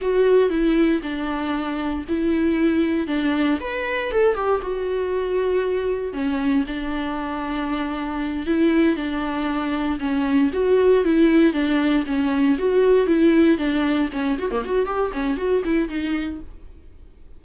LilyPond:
\new Staff \with { instrumentName = "viola" } { \time 4/4 \tempo 4 = 117 fis'4 e'4 d'2 | e'2 d'4 b'4 | a'8 g'8 fis'2. | cis'4 d'2.~ |
d'8 e'4 d'2 cis'8~ | cis'8 fis'4 e'4 d'4 cis'8~ | cis'8 fis'4 e'4 d'4 cis'8 | fis'16 ais16 fis'8 g'8 cis'8 fis'8 e'8 dis'4 | }